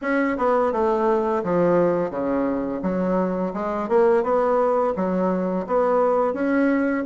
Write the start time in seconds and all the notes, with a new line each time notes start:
0.01 C#4
0.37 B3
0.72 A3
1.43 F3
2.10 C#3
2.82 F#3
3.53 G#3
3.88 A#3
4.23 B3
4.95 F#3
5.67 B3
6.33 C#4